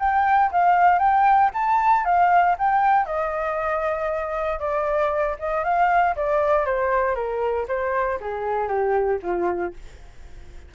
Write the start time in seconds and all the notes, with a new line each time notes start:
0.00 G5
0.52 F5
0.99 G5
1.54 A5
2.05 F5
2.59 G5
3.06 D#5
4.59 D5
5.39 D#5
5.64 F5
6.16 D5
6.66 C5
7.15 A#4
7.68 C5
8.21 G#4
8.68 G4
9.23 F4